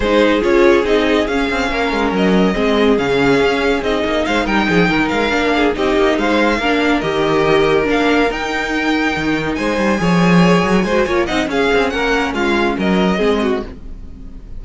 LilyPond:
<<
  \new Staff \with { instrumentName = "violin" } { \time 4/4 \tempo 4 = 141 c''4 cis''4 dis''4 f''4~ | f''4 dis''2 f''4~ | f''4 dis''4 f''8 g''4. | f''4. dis''4 f''4.~ |
f''8 dis''2 f''4 g''8~ | g''2~ g''8 gis''4.~ | gis''2~ gis''8 fis''8 f''4 | fis''4 f''4 dis''2 | }
  \new Staff \with { instrumentName = "violin" } { \time 4/4 gis'1 | ais'2 gis'2~ | gis'2 c''8 ais'8 gis'8 ais'8~ | ais'4 gis'8 g'4 c''4 ais'8~ |
ais'1~ | ais'2~ ais'8 c''4 cis''8~ | cis''4. c''8 cis''8 dis''8 gis'4 | ais'4 f'4 ais'4 gis'8 fis'8 | }
  \new Staff \with { instrumentName = "viola" } { \time 4/4 dis'4 f'4 dis'4 cis'4~ | cis'2 c'4 cis'4~ | cis'4 dis'2.~ | dis'8 d'4 dis'2 d'8~ |
d'8 g'2 d'4 dis'8~ | dis'2.~ dis'8 gis'8~ | gis'4. fis'8 f'8 dis'8 cis'4~ | cis'2. c'4 | }
  \new Staff \with { instrumentName = "cello" } { \time 4/4 gis4 cis'4 c'4 cis'8 c'8 | ais8 gis8 fis4 gis4 cis4 | cis'4 c'8 ais8 gis8 g8 f8 dis8 | gis8 ais4 c'8 ais8 gis4 ais8~ |
ais8 dis2 ais4 dis'8~ | dis'4. dis4 gis8 g8 f8~ | f4 fis8 gis8 ais8 c'8 cis'8 c'8 | ais4 gis4 fis4 gis4 | }
>>